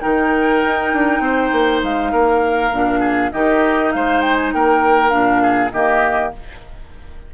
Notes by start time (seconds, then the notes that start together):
0.00 D#3 D#4 A#4 G5
0.64 D#4
0.93 D4
1.20 C4 C5
1.52 A#3
1.83 G#3 F5
2.12 A#3 A#4
2.72 A#2 D4
3.00 G#4
3.32 D#3 D#4 G4 D#5
3.92 G#3 C5 F5
4.21 G5
4.35 G#5
4.53 A#3 A#4 G5
5.09 A#2 D4 F5
5.42 G#4
5.72 D#3 A#3 G4 D#5